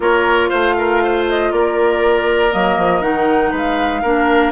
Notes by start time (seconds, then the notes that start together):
0.00 A#3 F4 A#4 C#5
0.49 A3 C5 F5
0.78 A#4
1.03 C5
1.28 D#5
1.51 A#3 A#4 D5
2.51 F#3 A#3 D#5
2.77 F3
3.01 D#3 D#4 F#5
3.50 G#3 B4
3.57 F5
4.02 A#3 D4 A#4